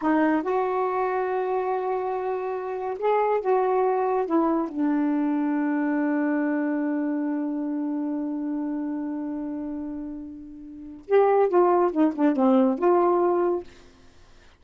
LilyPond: \new Staff \with { instrumentName = "saxophone" } { \time 4/4 \tempo 4 = 141 dis'4 fis'2.~ | fis'2. gis'4 | fis'2 e'4 d'4~ | d'1~ |
d'1~ | d'1~ | d'2 g'4 f'4 | dis'8 d'8 c'4 f'2 | }